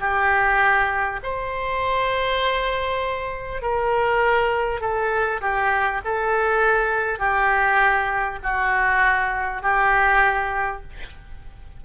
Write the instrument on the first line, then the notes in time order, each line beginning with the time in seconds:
oboe
0.00 G4
1.23 C5
3.62 A#4
4.81 A4
5.42 G4
6.05 A4
7.19 G4
8.43 F#4
9.62 G4